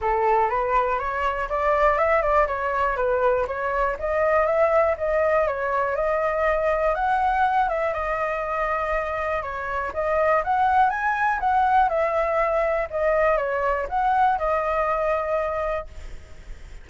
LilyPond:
\new Staff \with { instrumentName = "flute" } { \time 4/4 \tempo 4 = 121 a'4 b'4 cis''4 d''4 | e''8 d''8 cis''4 b'4 cis''4 | dis''4 e''4 dis''4 cis''4 | dis''2 fis''4. e''8 |
dis''2. cis''4 | dis''4 fis''4 gis''4 fis''4 | e''2 dis''4 cis''4 | fis''4 dis''2. | }